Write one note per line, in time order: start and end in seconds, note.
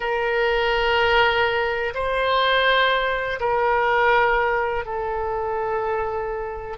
0.00 1.93 A#4
1.94 3.39 C5
3.40 4.85 A#4
4.85 6.77 A4